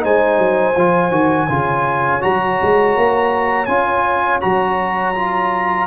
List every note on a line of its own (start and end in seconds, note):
0.00 0.38 G#3
0.00 0.73 D#4
0.00 1.49 C5
0.00 2.23 G#5
0.38 0.75 F#3
0.76 1.11 F3
0.76 1.11 F4
1.11 1.47 D#3
1.11 1.48 F#4
1.49 2.22 C#3
1.49 2.21 F4
1.49 5.87 C#5
2.21 2.60 F#3
2.21 3.67 F#4
2.21 3.66 A#5
2.62 2.97 G#3
2.97 3.68 A#3
3.66 4.41 C#4
3.66 4.42 F4
3.66 4.39 G#5
4.41 5.87 F#3
4.41 5.15 F#4
4.41 5.87 A#5
5.15 5.87 F4